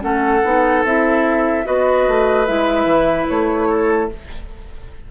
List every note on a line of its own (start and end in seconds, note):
0.00 0.43 A3
0.00 0.41 C#4
0.00 1.65 A4
0.00 0.83 F#5
0.43 0.84 B3
0.43 0.85 D#4
0.84 1.65 C4
0.84 1.64 E4
0.84 1.66 E5
1.64 2.07 B3
1.64 2.45 F#4
1.64 3.68 B4
1.64 2.45 D#5
2.07 2.48 A3
2.45 2.84 G#3
2.45 4.08 E4
2.45 3.26 E5
2.84 3.25 E3
3.28 4.11 A3
3.28 4.09 C#5
3.68 4.09 A4